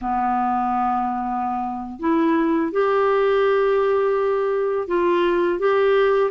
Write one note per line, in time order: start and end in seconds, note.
0.01 1.99 B3
1.99 2.71 E4
2.72 4.87 G4
4.87 5.59 F4
5.59 6.31 G4